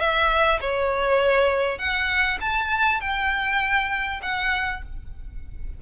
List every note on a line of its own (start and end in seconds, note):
0.00 0.60 E5
0.61 1.79 C#5
1.79 2.39 F#5
2.41 3.01 A5
3.01 4.21 G5
4.23 4.83 F#5